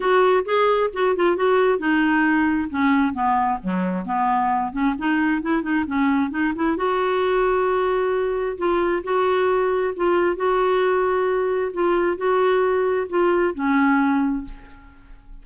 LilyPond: \new Staff \with { instrumentName = "clarinet" } { \time 4/4 \tempo 4 = 133 fis'4 gis'4 fis'8 f'8 fis'4 | dis'2 cis'4 b4 | fis4 b4. cis'8 dis'4 | e'8 dis'8 cis'4 dis'8 e'8 fis'4~ |
fis'2. f'4 | fis'2 f'4 fis'4~ | fis'2 f'4 fis'4~ | fis'4 f'4 cis'2 | }